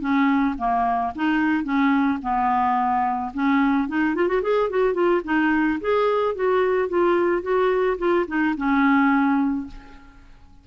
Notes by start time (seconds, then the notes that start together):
0.00 C#4
0.58 A#3
1.15 D#4
1.64 C#4
2.22 B3
3.34 C#4
3.88 D#4
4.15 F4
4.28 F#4
4.42 G#4
4.70 F#4
4.94 F4
5.24 D#4
5.80 G#4
6.35 F#4
6.89 F4
7.42 F#4
7.98 F4
8.27 D#4
8.57 C#4